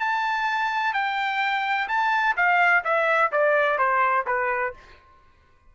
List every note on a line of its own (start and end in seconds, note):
0.00 0.93 A5
0.93 1.88 G5
1.89 2.36 A5
2.37 2.84 F5
2.84 3.32 E5
3.32 3.78 D5
3.78 4.26 C5
4.26 4.74 B4